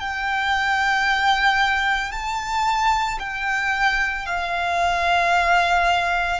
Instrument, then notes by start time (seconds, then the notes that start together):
violin
0.00 G5
2.12 A5
3.19 G5
4.27 F5